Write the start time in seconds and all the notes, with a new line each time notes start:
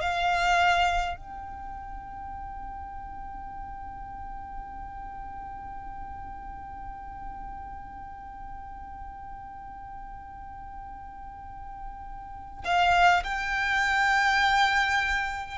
0.00 F5
1.17 G5
12.64 F5
13.24 G5